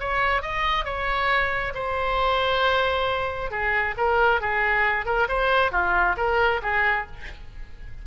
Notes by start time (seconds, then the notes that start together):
0.00 C#5
0.42 D#5
0.85 C#5
1.74 C5
3.51 G#4
3.97 A#4
4.41 G#4
5.06 A#4
5.28 C5
5.72 F4
6.17 A#4
6.62 G#4